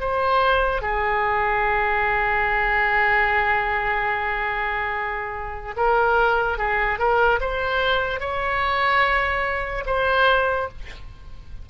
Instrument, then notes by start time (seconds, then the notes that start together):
oboe
0.00 C5
0.81 G#4
5.76 A#4
6.58 G#4
6.99 A#4
7.40 C5
8.20 C#5
9.86 C5